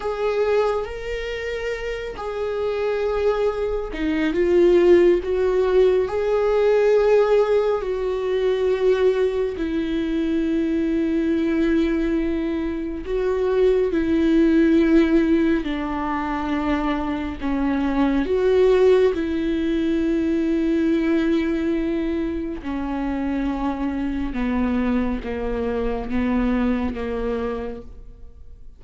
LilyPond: \new Staff \with { instrumentName = "viola" } { \time 4/4 \tempo 4 = 69 gis'4 ais'4. gis'4.~ | gis'8 dis'8 f'4 fis'4 gis'4~ | gis'4 fis'2 e'4~ | e'2. fis'4 |
e'2 d'2 | cis'4 fis'4 e'2~ | e'2 cis'2 | b4 ais4 b4 ais4 | }